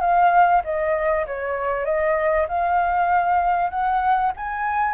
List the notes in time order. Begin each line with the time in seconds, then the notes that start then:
0.00 F5
0.64 D#5
1.26 C#5
1.84 D#5
2.48 F5
3.70 F#5
4.36 G#5